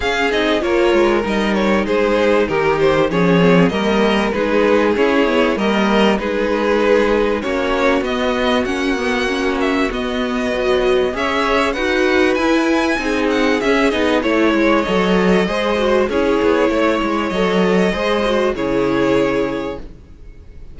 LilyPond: <<
  \new Staff \with { instrumentName = "violin" } { \time 4/4 \tempo 4 = 97 f''8 dis''8 cis''4 dis''8 cis''8 c''4 | ais'8 c''8 cis''4 dis''4 b'4 | cis''4 dis''4 b'2 | cis''4 dis''4 fis''4. e''8 |
dis''2 e''4 fis''4 | gis''4. fis''8 e''8 dis''8 cis''4 | dis''2 cis''2 | dis''2 cis''2 | }
  \new Staff \with { instrumentName = "violin" } { \time 4/4 gis'4 ais'2 gis'4 | g'4 gis'4 ais'4 gis'4~ | gis'4 ais'4 gis'2 | fis'1~ |
fis'2 cis''4 b'4~ | b'4 gis'2 cis''4~ | cis''4 c''4 gis'4 cis''4~ | cis''4 c''4 gis'2 | }
  \new Staff \with { instrumentName = "viola" } { \time 4/4 cis'8 dis'8 f'4 dis'2~ | dis'4 cis'8 c'8 ais4 dis'4 | cis'8 b8 ais4 dis'2 | cis'4 b4 cis'8 b8 cis'4 |
b4 fis4 gis'4 fis'4 | e'4 dis'4 cis'8 dis'8 e'4 | a'4 gis'8 fis'8 e'2 | a'4 gis'8 fis'8 e'2 | }
  \new Staff \with { instrumentName = "cello" } { \time 4/4 cis'8 c'8 ais8 gis8 g4 gis4 | dis4 f4 g4 gis4 | e'4 g4 gis2 | ais4 b4 ais2 |
b2 cis'4 dis'4 | e'4 c'4 cis'8 b8 a8 gis8 | fis4 gis4 cis'8 b8 a8 gis8 | fis4 gis4 cis2 | }
>>